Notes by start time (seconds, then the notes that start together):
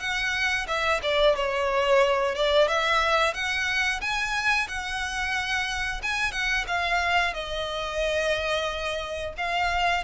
0.00 F#5
0.67 E5
1.03 D5
1.36 C#5
2.35 D5
2.68 E5
3.34 F#5
4.01 G#5
4.68 F#5
6.03 G#5
6.32 F#5
6.68 F5
7.34 D#5
9.37 F5